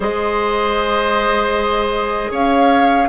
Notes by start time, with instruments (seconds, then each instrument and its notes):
0.00 bassoon G#3, clarinet G#4, oboe C5, flute D#5
2.31 bassoon C#4, oboe C#5, flute F5